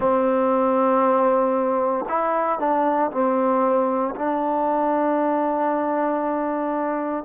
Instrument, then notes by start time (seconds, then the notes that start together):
trombone
0.00 C4
2.08 E4
2.59 D4
3.11 C4
4.15 D4